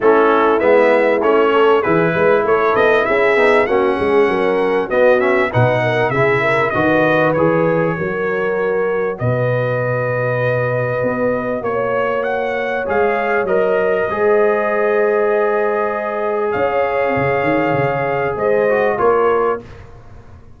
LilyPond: <<
  \new Staff \with { instrumentName = "trumpet" } { \time 4/4 \tempo 4 = 98 a'4 e''4 cis''4 b'4 | cis''8 dis''8 e''4 fis''2 | dis''8 e''8 fis''4 e''4 dis''4 | cis''2. dis''4~ |
dis''2. cis''4 | fis''4 f''4 dis''2~ | dis''2. f''4~ | f''2 dis''4 cis''4 | }
  \new Staff \with { instrumentName = "horn" } { \time 4/4 e'2~ e'8 a'8 gis'8 b'8 | a'4 gis'4 fis'8 gis'8 ais'4 | fis'4 b'8 ais'8 gis'8 ais'8 b'4~ | b'4 ais'2 b'4~ |
b'2. cis''4~ | cis''2. c''4~ | c''2. cis''4~ | cis''2 c''4 ais'4 | }
  \new Staff \with { instrumentName = "trombone" } { \time 4/4 cis'4 b4 cis'4 e'4~ | e'4. dis'8 cis'2 | b8 cis'8 dis'4 e'4 fis'4 | gis'4 fis'2.~ |
fis'1~ | fis'4 gis'4 ais'4 gis'4~ | gis'1~ | gis'2~ gis'8 fis'8 f'4 | }
  \new Staff \with { instrumentName = "tuba" } { \time 4/4 a4 gis4 a4 e8 gis8 | a8 b8 cis'8 b8 ais8 gis8 fis4 | b4 b,4 cis4 dis4 | e4 fis2 b,4~ |
b,2 b4 ais4~ | ais4 gis4 fis4 gis4~ | gis2. cis'4 | cis8 dis8 cis4 gis4 ais4 | }
>>